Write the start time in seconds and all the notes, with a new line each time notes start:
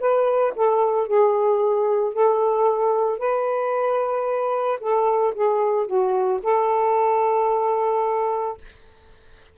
0.00 B4
0.56 A4
1.08 G#4
2.14 A4
3.19 B4
4.81 A4
5.35 G#4
5.87 F#4
6.43 A4